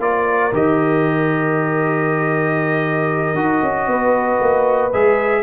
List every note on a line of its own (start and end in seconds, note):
0.00 0.52 A#3
0.00 0.52 F4
0.00 3.89 A#4
0.00 0.54 D5
0.53 3.35 D#3
0.53 3.36 G4
0.53 4.93 D#5
3.35 3.61 D#4
3.35 4.91 F#4
3.63 3.87 C#4
3.87 4.39 B3
3.87 5.43 B4
4.41 4.93 A#3
4.93 5.43 G#3
4.93 5.43 G#4
4.93 5.43 E5